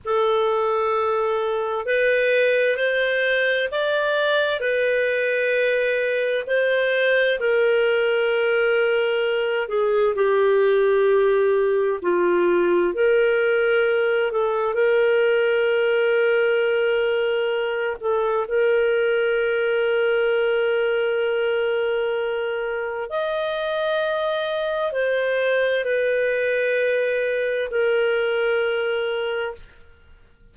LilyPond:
\new Staff \with { instrumentName = "clarinet" } { \time 4/4 \tempo 4 = 65 a'2 b'4 c''4 | d''4 b'2 c''4 | ais'2~ ais'8 gis'8 g'4~ | g'4 f'4 ais'4. a'8 |
ais'2.~ ais'8 a'8 | ais'1~ | ais'4 dis''2 c''4 | b'2 ais'2 | }